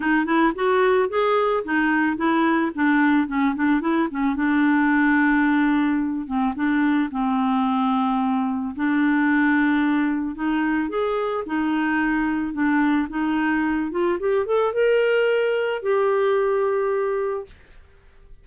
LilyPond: \new Staff \with { instrumentName = "clarinet" } { \time 4/4 \tempo 4 = 110 dis'8 e'8 fis'4 gis'4 dis'4 | e'4 d'4 cis'8 d'8 e'8 cis'8 | d'2.~ d'8 c'8 | d'4 c'2. |
d'2. dis'4 | gis'4 dis'2 d'4 | dis'4. f'8 g'8 a'8 ais'4~ | ais'4 g'2. | }